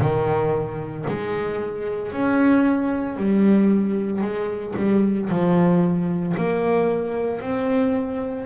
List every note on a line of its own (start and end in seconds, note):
0.00 1.05 D#3
1.08 2.12 G#3
2.12 3.16 C#4
3.16 4.22 G3
4.22 4.74 G#3
4.76 5.29 G3
5.30 6.35 F3
6.37 7.41 A#3
7.41 8.46 C4